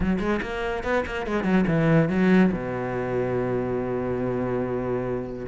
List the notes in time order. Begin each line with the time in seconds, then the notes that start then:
0.00 F#3
0.19 G#3
0.42 A#3
0.83 B3
1.06 A#3
1.26 G#3
1.43 F#3
1.67 E3
2.09 F#3
2.52 B2